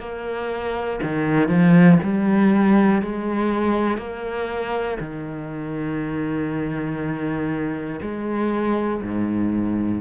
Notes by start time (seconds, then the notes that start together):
0.00 A#3
1.04 D#3
1.49 F3
2.03 G3
3.03 G#3
3.98 A#3
5.01 D#3
8.02 G#3
9.03 G#2